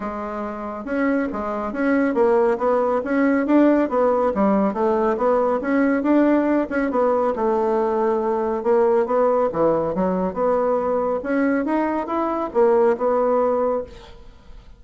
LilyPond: \new Staff \with { instrumentName = "bassoon" } { \time 4/4 \tempo 4 = 139 gis2 cis'4 gis4 | cis'4 ais4 b4 cis'4 | d'4 b4 g4 a4 | b4 cis'4 d'4. cis'8 |
b4 a2. | ais4 b4 e4 fis4 | b2 cis'4 dis'4 | e'4 ais4 b2 | }